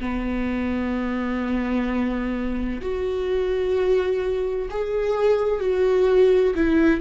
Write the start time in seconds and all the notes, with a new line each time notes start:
0.00 B3
2.81 F#4
4.70 G#4
5.60 F#4
6.55 E4